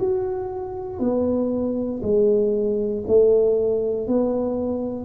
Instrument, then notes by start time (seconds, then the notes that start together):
tuba
0.00 F#4
1.00 B3
2.03 G#3
3.08 A3
4.08 B3